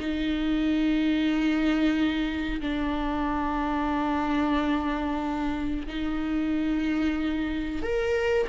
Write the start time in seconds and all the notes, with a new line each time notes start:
0.00 D#4
2.61 D4
5.88 D#4
7.83 A#4